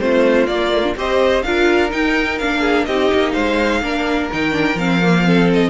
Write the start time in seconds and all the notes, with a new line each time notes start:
0.00 A3 C4 F4 C5
0.47 A#3 D5
0.74 A3
0.84 D4
0.96 C4 G4 C5 D#5
1.43 D4 F4 A#4 F5
1.90 D#4 G5
2.39 A#3 D4 F5
2.61 G#4
2.86 C4 D#4 G4 D#5
3.13 A#3
3.33 G#3 C5 F5
3.82 A#3 D4 A#4
4.32 D#3 D#4 G5
4.51 D4
4.74 F3 C4 F5
5.02 A#3
5.24 C4 A4
5.54 D#5